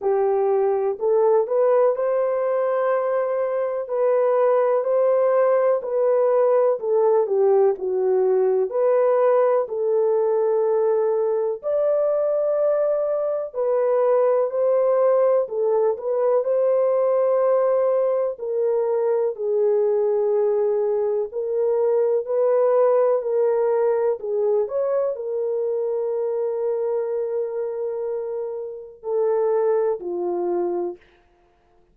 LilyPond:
\new Staff \with { instrumentName = "horn" } { \time 4/4 \tempo 4 = 62 g'4 a'8 b'8 c''2 | b'4 c''4 b'4 a'8 g'8 | fis'4 b'4 a'2 | d''2 b'4 c''4 |
a'8 b'8 c''2 ais'4 | gis'2 ais'4 b'4 | ais'4 gis'8 cis''8 ais'2~ | ais'2 a'4 f'4 | }